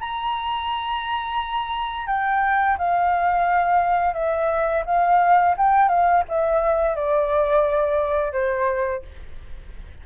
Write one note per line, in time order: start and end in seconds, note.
0.00 2.07 A#5
2.07 2.77 G5
2.78 4.14 F5
4.14 4.84 E5
4.86 5.56 F5
5.57 5.89 G5
5.89 6.23 F5
6.28 6.96 E5
6.96 8.33 D5
8.33 9.03 C5